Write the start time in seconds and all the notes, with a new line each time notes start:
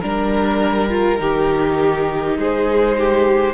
0.00 G3 D4 A#4
0.90 F4
1.18 D#3 D#4 G4
2.37 G#3 G#4 C5
2.98 G4